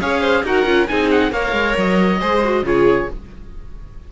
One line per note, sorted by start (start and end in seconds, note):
0.00 0.43 C#4
0.00 0.45 G#4
0.00 0.21 C#5
0.00 0.45 F5
0.21 0.43 C5
0.43 0.64 D#4
0.43 0.66 F#4
0.43 0.90 A#4
0.43 0.87 F#5
0.64 0.86 C#4
0.64 0.88 F4
0.87 1.32 C4
0.87 1.31 D#4
0.87 1.32 G#4
0.87 1.09 G#5
1.10 1.32 F#5
1.31 1.52 A#3
1.31 2.19 A#4
1.31 2.19 C#5
1.31 1.76 F5
1.52 1.74 G#3
1.77 2.21 F#3
1.77 2.66 D#5
2.19 2.62 G#3
2.19 2.43 G#4
2.19 2.64 C5
2.44 2.64 F#4
2.62 3.06 C#3
2.62 3.08 F4
2.62 3.11 G#4
2.62 3.10 C#5